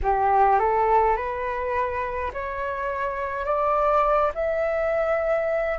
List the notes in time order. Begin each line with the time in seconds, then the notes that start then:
0.02 G4
0.59 A4
1.16 B4
2.33 C#5
3.45 D5
4.34 E5